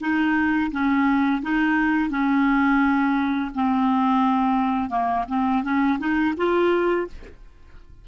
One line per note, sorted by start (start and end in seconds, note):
0.00 0.71 D#4
0.71 1.41 C#4
1.42 2.10 D#4
2.10 3.51 C#4
3.54 4.90 C4
4.90 5.25 A#3
5.28 5.63 C4
5.63 5.98 C#4
5.99 6.34 D#4
6.37 7.07 F4